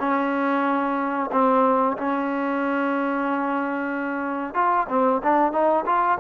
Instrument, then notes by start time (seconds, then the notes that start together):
trombone
0.00 C#4
1.32 C4
1.98 C#4
4.55 F4
4.89 C4
5.24 D4
5.53 D#4
5.86 F4